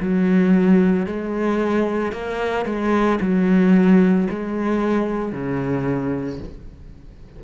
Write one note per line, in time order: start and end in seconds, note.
0.00 1.06 F#3
1.06 2.12 G#3
2.12 2.65 A#3
2.65 3.19 G#3
3.20 4.28 F#3
4.30 5.32 G#3
5.32 6.39 C#3